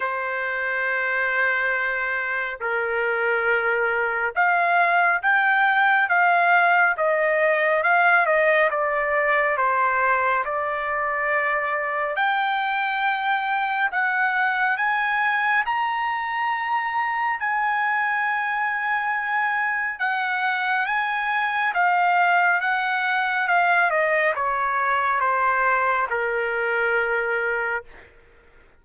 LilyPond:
\new Staff \with { instrumentName = "trumpet" } { \time 4/4 \tempo 4 = 69 c''2. ais'4~ | ais'4 f''4 g''4 f''4 | dis''4 f''8 dis''8 d''4 c''4 | d''2 g''2 |
fis''4 gis''4 ais''2 | gis''2. fis''4 | gis''4 f''4 fis''4 f''8 dis''8 | cis''4 c''4 ais'2 | }